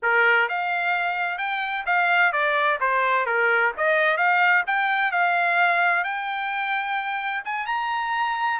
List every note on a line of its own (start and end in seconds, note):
0.02 0.48 A#4
0.48 1.38 F5
1.38 1.84 G5
1.86 2.32 F5
2.32 2.78 D5
2.80 3.26 C5
3.26 3.72 A#4
3.77 4.17 D#5
4.17 4.63 F5
4.66 5.11 G5
5.11 6.03 F5
6.03 7.43 G5
7.44 7.66 G#5
7.66 8.59 A#5